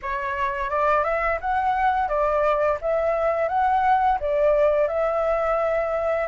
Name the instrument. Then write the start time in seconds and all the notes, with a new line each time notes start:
flute
0.02 C#5
0.70 D5
1.03 E5
1.40 F#5
2.08 D5
2.81 E5
3.48 F#5
4.20 D5
4.88 E5